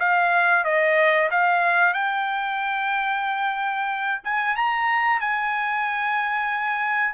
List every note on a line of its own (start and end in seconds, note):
0.00 0.65 F5
0.65 1.30 D#5
1.31 1.94 F5
1.94 4.22 G5
4.24 4.57 G#5
4.57 5.21 A#5
5.21 7.15 G#5